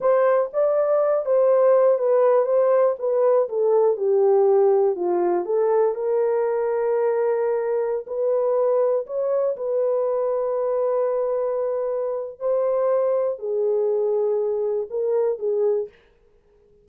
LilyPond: \new Staff \with { instrumentName = "horn" } { \time 4/4 \tempo 4 = 121 c''4 d''4. c''4. | b'4 c''4 b'4 a'4 | g'2 f'4 a'4 | ais'1~ |
ais'16 b'2 cis''4 b'8.~ | b'1~ | b'4 c''2 gis'4~ | gis'2 ais'4 gis'4 | }